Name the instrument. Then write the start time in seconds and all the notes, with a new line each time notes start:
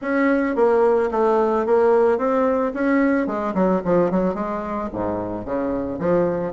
bassoon
0.01 C#4
0.55 A#3
1.11 A3
1.66 A#3
2.18 C4
2.74 C#4
3.26 G#3
3.54 F#3
3.84 F3
4.10 F#3
4.34 G#3
4.92 G#2
5.45 C#3
5.98 F3